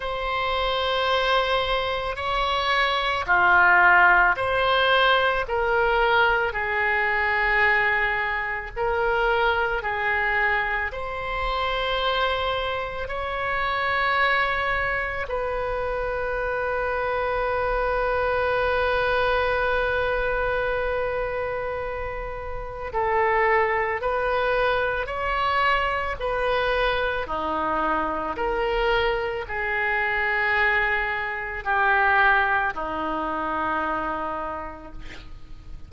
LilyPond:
\new Staff \with { instrumentName = "oboe" } { \time 4/4 \tempo 4 = 55 c''2 cis''4 f'4 | c''4 ais'4 gis'2 | ais'4 gis'4 c''2 | cis''2 b'2~ |
b'1~ | b'4 a'4 b'4 cis''4 | b'4 dis'4 ais'4 gis'4~ | gis'4 g'4 dis'2 | }